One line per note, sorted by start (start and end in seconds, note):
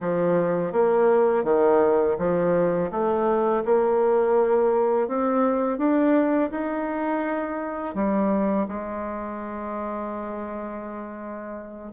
0.00 0.72 F3
0.72 1.44 A#3
1.44 2.16 D#3
2.18 2.90 F3
2.91 3.63 A3
3.65 5.08 A#3
5.08 5.77 C4
5.77 6.50 D4
6.51 7.95 D#4
7.95 8.67 G3
8.67 11.92 G#3